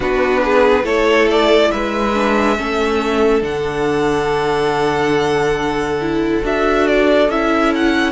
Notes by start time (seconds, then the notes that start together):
0.00 B3 D4 F#4 B4
0.44 G#4
0.83 A3 E4 A4 C#5
1.30 D5
1.71 G#3 B4 E5
2.14 D4
2.56 A3 C#4 A4
3.41 D3 D4 F#5
6.01 E4
6.42 D4 F#4 E5
6.87 D5
7.29 C#4 E4 E5
7.75 F#5